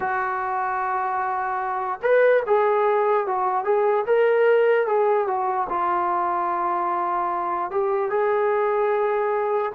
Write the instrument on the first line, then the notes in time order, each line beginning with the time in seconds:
trombone
0.00 F#4
2.02 B4
2.46 G#4
3.27 F#4
3.64 G#4
4.06 A#4
4.86 G#4
5.27 F#4
5.69 F4
7.70 G4
8.10 G#4